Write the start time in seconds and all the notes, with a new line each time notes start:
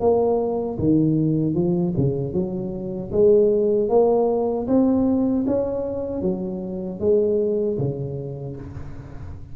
0.00 A#3
0.78 D#3
1.54 F3
1.97 C#3
2.33 F#3
3.12 G#3
3.89 A#3
4.67 C4
5.47 C#4
6.22 F#3
7.00 G#3
7.78 C#3